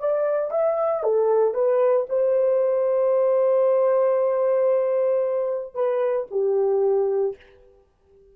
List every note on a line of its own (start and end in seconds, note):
0.00 0.51 D5
0.51 1.03 E5
1.03 1.54 A4
1.54 2.07 B4
2.10 5.74 C5
5.74 6.27 B4
6.31 7.36 G4